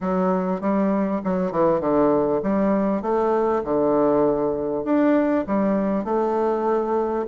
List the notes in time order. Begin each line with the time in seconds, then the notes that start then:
0.00 F#3
0.61 G3
1.23 F#3
1.51 E3
1.80 D3
2.42 G3
3.02 A3
3.64 D3
4.84 D4
5.47 G3
6.04 A3